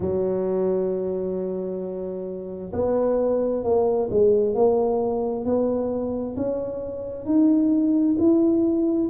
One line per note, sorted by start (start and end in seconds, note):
0.00 2.71 F#3
2.72 3.63 B3
3.63 4.09 A#3
4.10 4.55 G#3
4.55 5.44 A#3
5.44 6.35 B3
6.36 7.25 C#4
7.25 8.16 D#4
8.18 9.09 E4